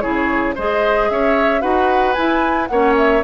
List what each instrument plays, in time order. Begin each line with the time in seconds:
0.00 bassoon C#3, clarinet E4, oboe G#4, flute C#5
0.55 bassoon G#3, clarinet G#4, oboe C5, flute D#5
1.10 bassoon C#4, oboe C#5, flute E5
1.61 bassoon D#4, clarinet F#4, oboe B4, flute F#5
2.13 clarinet E4, bassoon E4, flute G#5
2.67 bassoon A#3, clarinet C#4, oboe C#5, flute F#5
2.97 flute E5